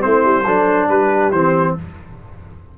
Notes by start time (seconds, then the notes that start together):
0.00 A3 C4 E4 C5
0.24 G3
0.45 F#3 D4 A4
0.88 G3 G4 B4
1.31 E3 C4 C5